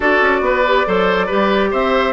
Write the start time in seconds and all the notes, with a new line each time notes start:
0.00 D4 F#4 A4 D5
0.21 C#4
0.41 B3 B4
0.66 G4
0.85 F#3 A4 C5
1.26 G3 G4 B4
1.71 C4 C5 E5